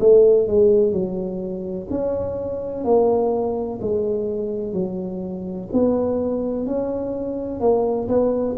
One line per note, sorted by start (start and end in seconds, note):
0.00 0.48 A3
0.48 0.92 G#3
0.92 1.87 F#3
1.90 2.84 C#4
2.84 3.80 A#3
3.81 4.74 G#3
4.74 5.69 F#3
5.73 6.67 B3
6.67 7.61 C#4
7.61 8.08 A#3
8.08 8.56 B3